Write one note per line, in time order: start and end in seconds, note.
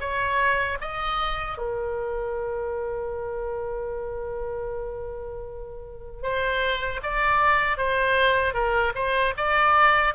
0.00 0.78 C#5
0.81 1.58 D#5
1.58 6.23 A#4
6.23 7.01 C5
7.03 7.77 D5
7.77 8.54 C5
8.54 8.93 A#4
8.95 9.34 C5
9.37 10.14 D5